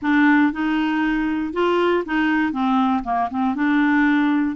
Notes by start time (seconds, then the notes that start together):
0.02 D4
0.52 D#4
1.53 F4
2.05 D#4
2.52 C4
3.03 A#3
3.30 C4
3.55 D4